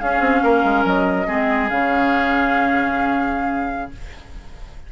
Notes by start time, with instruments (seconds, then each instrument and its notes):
0.00 clarinet C#4, bassoon C#4, oboe G#4, flute F5
0.20 bassoon C4
0.44 bassoon A#3, oboe A#4
0.64 bassoon G#3
0.85 bassoon F#3, flute D#5
1.27 bassoon G#3, clarinet C4, oboe G#4
1.70 bassoon C#3, clarinet C#4, flute F5